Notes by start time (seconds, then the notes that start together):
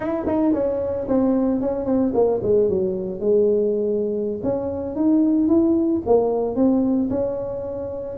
0.00 E4
0.26 D#4
0.53 C#4
1.08 C4
1.60 C#4
1.85 C4
2.14 A#3
2.42 G#3
2.69 F#3
3.20 G#3
4.43 C#4
4.95 D#4
5.48 E4
6.06 A#3
6.55 C4
7.10 C#4